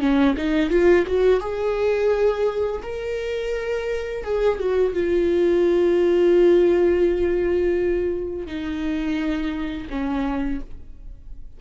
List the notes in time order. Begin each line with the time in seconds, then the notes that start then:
0.00 C#4
0.37 D#4
0.70 F4
1.07 F#4
1.41 G#4
2.83 A#4
4.24 G#4
4.59 F#4
4.94 F4
8.47 D#4
9.90 C#4